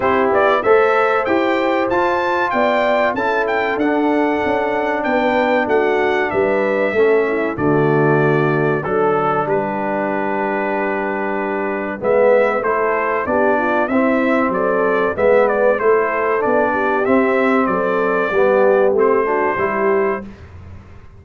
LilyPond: <<
  \new Staff \with { instrumentName = "trumpet" } { \time 4/4 \tempo 4 = 95 c''8 d''8 e''4 g''4 a''4 | g''4 a''8 g''8 fis''2 | g''4 fis''4 e''2 | d''2 a'4 b'4~ |
b'2. e''4 | c''4 d''4 e''4 d''4 | e''8 d''8 c''4 d''4 e''4 | d''2 c''2 | }
  \new Staff \with { instrumentName = "horn" } { \time 4/4 g'4 c''2. | d''4 a'2. | b'4 fis'4 b'4 a'8 e'8 | fis'2 a'4 g'4~ |
g'2. b'4 | a'4 g'8 f'8 e'4 a'4 | b'4 a'4. g'4. | a'4 g'4. fis'8 g'4 | }
  \new Staff \with { instrumentName = "trombone" } { \time 4/4 e'4 a'4 g'4 f'4~ | f'4 e'4 d'2~ | d'2. cis'4 | a2 d'2~ |
d'2. b4 | e'4 d'4 c'2 | b4 e'4 d'4 c'4~ | c'4 b4 c'8 d'8 e'4 | }
  \new Staff \with { instrumentName = "tuba" } { \time 4/4 c'8 b8 a4 e'4 f'4 | b4 cis'4 d'4 cis'4 | b4 a4 g4 a4 | d2 fis4 g4~ |
g2. gis4 | a4 b4 c'4 fis4 | gis4 a4 b4 c'4 | fis4 g4 a4 g4 | }
>>